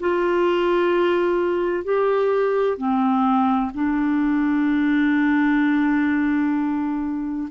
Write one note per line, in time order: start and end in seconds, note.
0.00 1.84 F4
1.84 2.78 G4
2.78 3.72 C4
3.74 7.49 D4